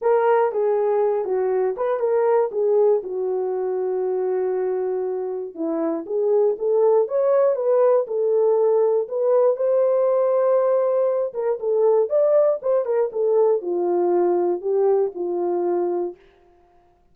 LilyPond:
\new Staff \with { instrumentName = "horn" } { \time 4/4 \tempo 4 = 119 ais'4 gis'4. fis'4 b'8 | ais'4 gis'4 fis'2~ | fis'2. e'4 | gis'4 a'4 cis''4 b'4 |
a'2 b'4 c''4~ | c''2~ c''8 ais'8 a'4 | d''4 c''8 ais'8 a'4 f'4~ | f'4 g'4 f'2 | }